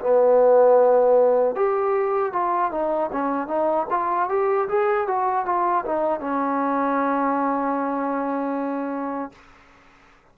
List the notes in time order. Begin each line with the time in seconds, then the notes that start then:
0.00 B3
1.55 G4
2.33 F4
2.71 D#4
3.12 C#4
3.48 D#4
3.90 F4
4.29 G4
4.69 G#4
5.08 F#4
5.45 F4
5.85 D#4
6.20 C#4